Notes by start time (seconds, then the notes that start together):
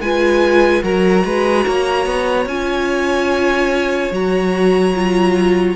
0.00 G#3 F4 B4 G#5
0.83 F#3 F#4 A#4 A#5
1.24 G#3 B4
1.66 A#3 C#5
2.05 B3
2.45 C#4 F4 G#5
4.11 F#3 F#4 A#5
4.94 F4